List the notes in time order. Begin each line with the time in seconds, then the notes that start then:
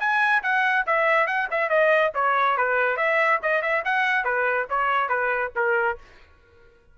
0.00 G#5
0.43 F#5
0.87 E5
1.27 F#5
1.51 E5
1.69 D#5
2.15 C#5
2.57 B4
2.97 E5
3.43 D#5
3.62 E5
3.85 F#5
4.25 B4
4.70 C#5
5.09 B4
5.56 A#4